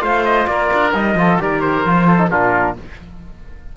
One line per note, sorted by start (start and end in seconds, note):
0.00 0.46 A3
0.00 0.91 F4
0.00 0.49 C5
0.00 0.24 F5
0.25 0.46 D#5
0.46 0.70 A#3
0.46 1.17 A#4
0.46 0.92 D5
0.73 0.93 D4
0.93 1.15 G3
0.93 1.17 D#4
0.93 1.39 D#5
1.15 1.37 F3
1.15 1.39 F4
1.15 1.42 A4
1.39 1.85 D#3
1.39 1.84 G4
1.39 2.07 A#4
1.39 1.61 D5
1.61 2.29 C5
1.85 2.30 F3
1.85 2.17 F4
2.07 2.29 A4
2.17 2.29 D#4
2.29 2.76 A#2
2.29 2.76 D4
2.29 2.75 F4
2.29 2.76 A#4